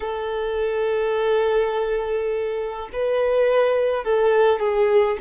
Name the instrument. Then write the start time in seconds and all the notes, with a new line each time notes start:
violin
0.00 A4
2.93 B4
4.04 A4
4.59 G#4